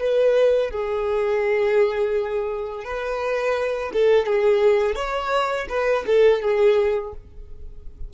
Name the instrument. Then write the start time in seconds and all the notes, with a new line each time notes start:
violin
0.00 B4
0.71 G#4
2.85 B4
3.94 A4
4.27 G#4
4.96 C#5
5.69 B4
6.07 A4
6.42 G#4